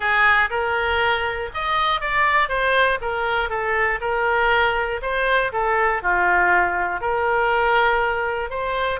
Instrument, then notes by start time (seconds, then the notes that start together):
oboe
0.00 G#4
0.50 A#4
1.54 D#5
2.00 D5
2.49 C5
3.01 A#4
3.49 A4
4.00 A#4
5.02 C5
5.52 A4
6.02 F4
7.00 A#4
8.50 C5